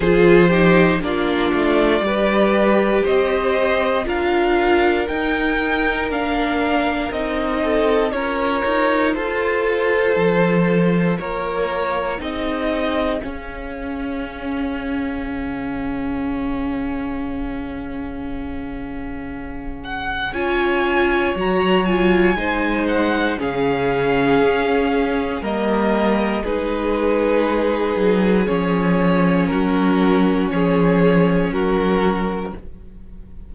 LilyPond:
<<
  \new Staff \with { instrumentName = "violin" } { \time 4/4 \tempo 4 = 59 c''4 d''2 dis''4 | f''4 g''4 f''4 dis''4 | cis''4 c''2 cis''4 | dis''4 f''2.~ |
f''2.~ f''8 fis''8 | gis''4 ais''8 gis''4 fis''8 f''4~ | f''4 dis''4 b'2 | cis''4 ais'4 cis''4 ais'4 | }
  \new Staff \with { instrumentName = "violin" } { \time 4/4 gis'8 g'8 f'4 b'4 c''4 | ais'2.~ ais'8 a'8 | ais'4 a'2 ais'4 | gis'1~ |
gis'1 | cis''2 c''4 gis'4~ | gis'4 ais'4 gis'2~ | gis'4 fis'4 gis'4 fis'4 | }
  \new Staff \with { instrumentName = "viola" } { \time 4/4 f'8 dis'8 d'4 g'2 | f'4 dis'4 d'4 dis'4 | f'1 | dis'4 cis'2.~ |
cis'1 | f'4 fis'8 f'8 dis'4 cis'4~ | cis'4 ais4 dis'2 | cis'1 | }
  \new Staff \with { instrumentName = "cello" } { \time 4/4 f4 ais8 a8 g4 c'4 | d'4 dis'4 ais4 c'4 | cis'8 dis'8 f'4 f4 ais4 | c'4 cis'2 cis4~ |
cis1 | cis'4 fis4 gis4 cis4 | cis'4 g4 gis4. fis8 | f4 fis4 f4 fis4 | }
>>